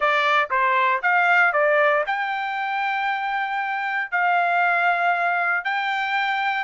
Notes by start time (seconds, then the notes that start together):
0.00 D5
0.50 C5
1.02 F5
1.52 D5
2.06 G5
4.11 F5
5.64 G5